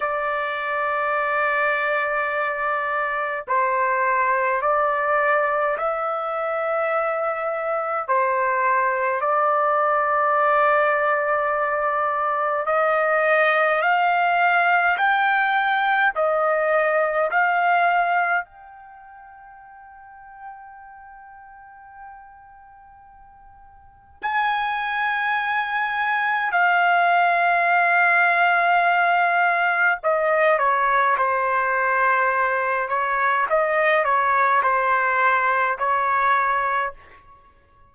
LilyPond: \new Staff \with { instrumentName = "trumpet" } { \time 4/4 \tempo 4 = 52 d''2. c''4 | d''4 e''2 c''4 | d''2. dis''4 | f''4 g''4 dis''4 f''4 |
g''1~ | g''4 gis''2 f''4~ | f''2 dis''8 cis''8 c''4~ | c''8 cis''8 dis''8 cis''8 c''4 cis''4 | }